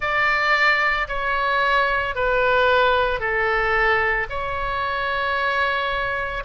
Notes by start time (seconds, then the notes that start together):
0.00 D5
1.08 C#5
2.15 B4
3.19 A4
4.29 C#5